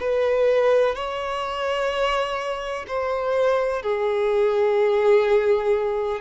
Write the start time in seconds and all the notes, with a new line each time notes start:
0.00 B4
0.95 C#5
2.87 C5
3.83 G#4